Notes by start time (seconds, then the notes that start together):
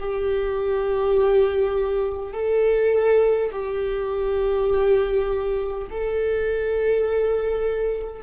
0.00 G4
2.34 A4
3.53 G4
5.90 A4